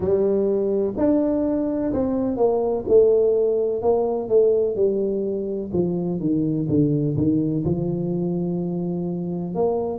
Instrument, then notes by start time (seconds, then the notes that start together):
tuba
0.00 G3
0.97 D4
1.92 C4
2.36 A#3
2.87 A3
3.82 A#3
4.29 A3
4.75 G3
5.72 F3
6.19 D#3
6.68 D3
7.16 D#3
7.65 F3
9.55 A#3